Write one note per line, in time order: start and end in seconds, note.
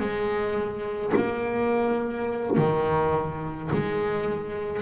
0.00 1.13 G#3
1.16 2.57 A#3
2.57 3.70 D#3
3.73 4.82 G#3